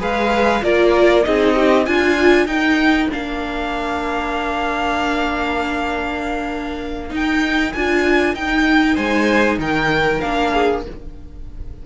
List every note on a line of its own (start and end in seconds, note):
0.00 0.63 G#3
0.00 0.62 G#4
0.00 0.63 B4
0.00 0.64 F5
0.62 1.25 A#3
0.62 1.24 F4
0.62 1.26 A#4
0.62 1.24 D5
1.24 1.87 C4
1.24 1.85 D#4
1.24 1.56 G#4
1.24 1.86 D#5
1.56 1.87 G4
1.86 2.47 D4
1.86 2.48 F4
1.86 2.47 F4
1.86 2.47 G#5
2.47 3.09 D#4
2.47 3.10 D#4
2.47 8.95 A#4
2.47 3.09 G5
3.10 7.11 A#3
3.10 7.10 D4
3.10 7.15 F5
7.10 7.72 D#4
7.10 7.73 D#4
7.10 7.73 G5
7.73 8.35 D4
7.73 8.36 F4
7.73 8.35 G#5
8.35 8.97 D#4
8.35 10.21 D#4
8.35 8.97 G5
8.95 9.58 G#3
8.95 9.57 C5
8.95 9.59 G#5
9.58 10.20 D#3
9.58 10.53 A#4
9.58 10.21 G5
10.21 10.86 A#3
10.21 10.83 D4
10.21 10.82 F5
10.53 10.84 G#4